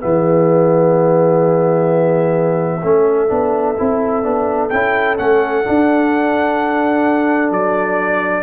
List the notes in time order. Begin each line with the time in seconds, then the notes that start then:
0.00 E3 B3 G#4 E5
2.83 A3 C#4 A4
3.28 B3 D4
3.78 C4 E4
4.22 B3 D4
4.70 C#4 E4 G5
5.17 A3 C#4 F#5
5.64 D4
7.51 F#3 D5